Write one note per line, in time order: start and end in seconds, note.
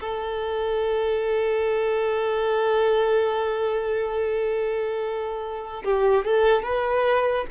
0.00 5.83 A4
5.84 6.25 G4
6.25 6.62 A4
6.62 7.45 B4